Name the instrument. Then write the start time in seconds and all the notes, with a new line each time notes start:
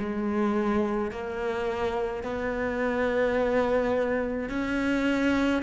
cello
0.00 G#3
1.12 A#3
2.23 B3
4.50 C#4